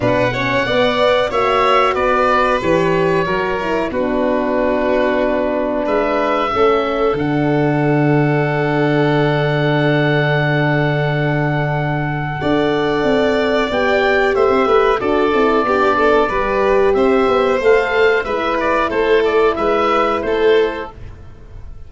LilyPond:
<<
  \new Staff \with { instrumentName = "oboe" } { \time 4/4 \tempo 4 = 92 fis''2 e''4 d''4 | cis''2 b'2~ | b'4 e''2 fis''4~ | fis''1~ |
fis''1~ | fis''4 g''4 e''4 d''4~ | d''2 e''4 f''4 | e''8 d''8 c''8 d''8 e''4 c''4 | }
  \new Staff \with { instrumentName = "violin" } { \time 4/4 b'8 cis''8 d''4 cis''4 b'4~ | b'4 ais'4 fis'2~ | fis'4 b'4 a'2~ | a'1~ |
a'2. d''4~ | d''2 c''8 b'8 a'4 | g'8 a'8 b'4 c''2 | b'4 a'4 b'4 a'4 | }
  \new Staff \with { instrumentName = "horn" } { \time 4/4 d'8 cis'8 b4 fis'2 | g'4 fis'8 e'8 d'2~ | d'2 cis'4 d'4~ | d'1~ |
d'2. a'4~ | a'4 g'2 fis'8 e'8 | d'4 g'2 a'4 | e'1 | }
  \new Staff \with { instrumentName = "tuba" } { \time 4/4 b,4 b4 ais4 b4 | e4 fis4 b2~ | b4 gis4 a4 d4~ | d1~ |
d2. d'4 | c'4 b4 a16 c'16 a8 d'8 c'8 | b4 g4 c'8 b8 a4 | gis4 a4 gis4 a4 | }
>>